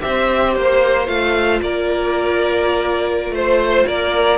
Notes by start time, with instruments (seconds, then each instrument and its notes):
0.00 cello C4, viola G4, violin C5 E5
0.54 cello A#3, violin C5
1.06 cello A3, viola F4, violin F5
1.62 cello A#3, violin A#4 D5
3.30 cello A3, violin C5
3.86 cello A#3, violin A#4 D5